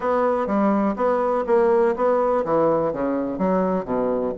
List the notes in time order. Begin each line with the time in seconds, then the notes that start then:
0.00 B3
0.46 G3
0.96 B3
1.46 A#3
1.96 B3
2.44 E3
2.92 C#3
3.38 F#3
3.84 B2